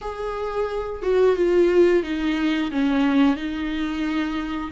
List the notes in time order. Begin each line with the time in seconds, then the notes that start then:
0.01 G#4
1.02 F#4
1.35 F4
2.03 D#4
2.71 C#4
3.36 D#4